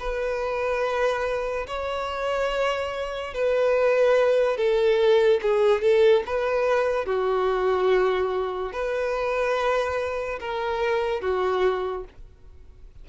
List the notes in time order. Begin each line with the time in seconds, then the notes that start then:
0.00 B4
1.68 C#5
3.34 B4
4.58 A4
5.42 G#4
5.82 A4
6.27 B4
7.06 F#4
8.73 B4
10.41 A#4
11.22 F#4